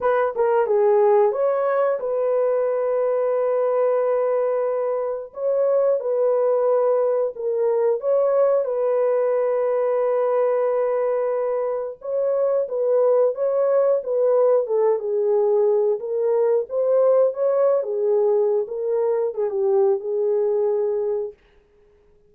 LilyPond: \new Staff \with { instrumentName = "horn" } { \time 4/4 \tempo 4 = 90 b'8 ais'8 gis'4 cis''4 b'4~ | b'1 | cis''4 b'2 ais'4 | cis''4 b'2.~ |
b'2 cis''4 b'4 | cis''4 b'4 a'8 gis'4. | ais'4 c''4 cis''8. gis'4~ gis'16 | ais'4 gis'16 g'8. gis'2 | }